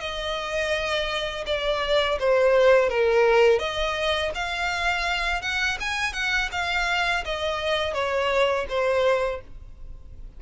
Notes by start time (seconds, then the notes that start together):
0.00 D#5
1.46 D5
2.19 C5
2.89 A#4
3.59 D#5
4.34 F5
5.42 F#5
5.80 G#5
6.13 F#5
6.52 F5
7.25 D#5
7.94 C#5
8.68 C5